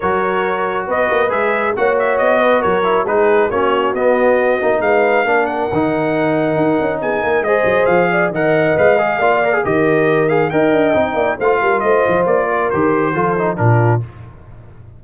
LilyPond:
<<
  \new Staff \with { instrumentName = "trumpet" } { \time 4/4 \tempo 4 = 137 cis''2 dis''4 e''4 | fis''8 e''8 dis''4 cis''4 b'4 | cis''4 dis''2 f''4~ | f''8 fis''2.~ fis''8 |
gis''4 dis''4 f''4 fis''4 | f''2 dis''4. f''8 | g''2 f''4 dis''4 | d''4 c''2 ais'4 | }
  \new Staff \with { instrumentName = "horn" } { \time 4/4 ais'2 b'2 | cis''4. b'8 ais'4 gis'4 | fis'2. b'4 | ais'1 |
gis'8 ais'8 c''4. d''8 dis''4~ | dis''4 d''4 ais'2 | dis''4. d''8 c''8 ais'8 c''4~ | c''8 ais'4. a'4 f'4 | }
  \new Staff \with { instrumentName = "trombone" } { \time 4/4 fis'2. gis'4 | fis'2~ fis'8 e'8 dis'4 | cis'4 b4. dis'4. | d'4 dis'2.~ |
dis'4 gis'2 ais'4 | b'8 gis'8 f'8 ais'16 gis'16 g'4. gis'8 | ais'4 dis'4 f'2~ | f'4 g'4 f'8 dis'8 d'4 | }
  \new Staff \with { instrumentName = "tuba" } { \time 4/4 fis2 b8 ais8 gis4 | ais4 b4 fis4 gis4 | ais4 b4. ais8 gis4 | ais4 dis2 dis'8 cis'8 |
b8 ais8 gis8 fis8 f4 dis4 | gis4 ais4 dis2 | dis'8 d'8 c'8 ais8 a8 g8 a8 f8 | ais4 dis4 f4 ais,4 | }
>>